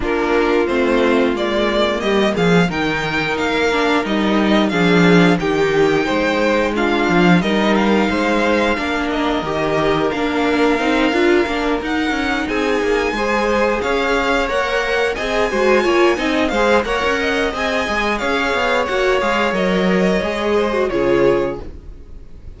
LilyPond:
<<
  \new Staff \with { instrumentName = "violin" } { \time 4/4 \tempo 4 = 89 ais'4 c''4 d''4 dis''8 f''8 | g''4 f''4 dis''4 f''4 | g''2 f''4 dis''8 f''8~ | f''4. dis''4. f''4~ |
f''4. fis''4 gis''4.~ | gis''8 f''4 fis''4 gis''4.~ | gis''8 f''8 fis''4 gis''4 f''4 | fis''8 f''8 dis''2 cis''4 | }
  \new Staff \with { instrumentName = "violin" } { \time 4/4 f'2. g'8 gis'8 | ais'2. gis'4 | g'4 c''4 f'4 ais'4 | c''4 ais'2.~ |
ais'2~ ais'8 gis'4 c''8~ | c''8 cis''2 dis''8 c''8 cis''8 | dis''8 c''8 cis''8 dis''4. cis''4~ | cis''2~ cis''8 c''8 gis'4 | }
  \new Staff \with { instrumentName = "viola" } { \time 4/4 d'4 c'4 ais2 | dis'4. d'8 dis'4 d'4 | dis'2 d'4 dis'4~ | dis'4 d'4 g'4 d'4 |
dis'8 f'8 d'8 dis'2 gis'8~ | gis'4. ais'4 gis'8 fis'8 f'8 | dis'8 gis'8 ais'4 gis'2 | fis'8 gis'8 ais'4 gis'8. fis'16 f'4 | }
  \new Staff \with { instrumentName = "cello" } { \time 4/4 ais4 a4 gis4 g8 f8 | dis4 ais4 g4 f4 | dis4 gis4. f8 g4 | gis4 ais4 dis4 ais4 |
c'8 d'8 ais8 dis'8 cis'8 c'8 ais8 gis8~ | gis8 cis'4 ais4 c'8 gis8 ais8 | c'8 gis8 ais16 cis'8. c'8 gis8 cis'8 b8 | ais8 gis8 fis4 gis4 cis4 | }
>>